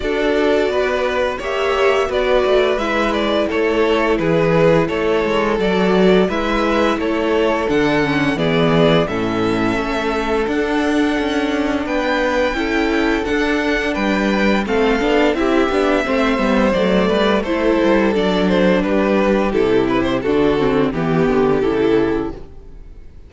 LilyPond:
<<
  \new Staff \with { instrumentName = "violin" } { \time 4/4 \tempo 4 = 86 d''2 e''4 d''4 | e''8 d''8 cis''4 b'4 cis''4 | d''4 e''4 cis''4 fis''4 | d''4 e''2 fis''4~ |
fis''4 g''2 fis''4 | g''4 f''4 e''2 | d''4 c''4 d''8 c''8 b'4 | a'8 b'16 c''16 a'4 g'4 a'4 | }
  \new Staff \with { instrumentName = "violin" } { \time 4/4 a'4 b'4 cis''4 b'4~ | b'4 a'4 gis'4 a'4~ | a'4 b'4 a'2 | gis'4 a'2.~ |
a'4 b'4 a'2 | b'4 a'4 g'4 c''4~ | c''8 b'8 a'2 g'4~ | g'4 fis'4 g'2 | }
  \new Staff \with { instrumentName = "viola" } { \time 4/4 fis'2 g'4 fis'4 | e'1 | fis'4 e'2 d'8 cis'8 | b4 cis'2 d'4~ |
d'2 e'4 d'4~ | d'4 c'8 d'8 e'8 d'8 c'8 b8 | a4 e'4 d'2 | e'4 d'8 c'8 b4 e'4 | }
  \new Staff \with { instrumentName = "cello" } { \time 4/4 d'4 b4 ais4 b8 a8 | gis4 a4 e4 a8 gis8 | fis4 gis4 a4 d4 | e4 a,4 a4 d'4 |
cis'4 b4 cis'4 d'4 | g4 a8 b8 c'8 b8 a8 g8 | fis8 g8 a8 g8 fis4 g4 | c4 d4 e8 d8 cis4 | }
>>